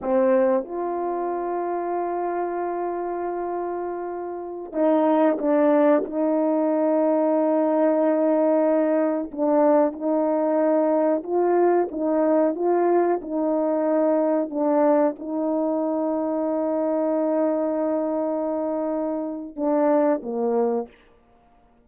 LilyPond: \new Staff \with { instrumentName = "horn" } { \time 4/4 \tempo 4 = 92 c'4 f'2.~ | f'2.~ f'16 dis'8.~ | dis'16 d'4 dis'2~ dis'8.~ | dis'2~ dis'16 d'4 dis'8.~ |
dis'4~ dis'16 f'4 dis'4 f'8.~ | f'16 dis'2 d'4 dis'8.~ | dis'1~ | dis'2 d'4 ais4 | }